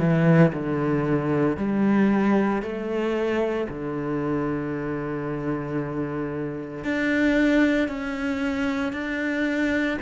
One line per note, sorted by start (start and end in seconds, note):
0.00 0.53 E3
0.54 1.57 D3
1.57 2.63 G3
2.63 3.68 A3
3.69 6.85 D3
6.85 7.89 D4
7.89 8.93 C#4
8.93 9.98 D4